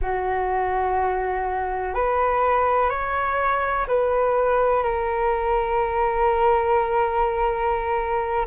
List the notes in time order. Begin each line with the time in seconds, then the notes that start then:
0.01 F#4
1.94 B4
2.89 C#5
3.87 B4
4.83 A#4